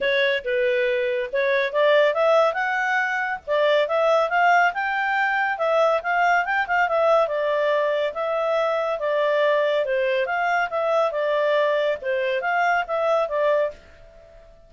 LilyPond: \new Staff \with { instrumentName = "clarinet" } { \time 4/4 \tempo 4 = 140 cis''4 b'2 cis''4 | d''4 e''4 fis''2 | d''4 e''4 f''4 g''4~ | g''4 e''4 f''4 g''8 f''8 |
e''4 d''2 e''4~ | e''4 d''2 c''4 | f''4 e''4 d''2 | c''4 f''4 e''4 d''4 | }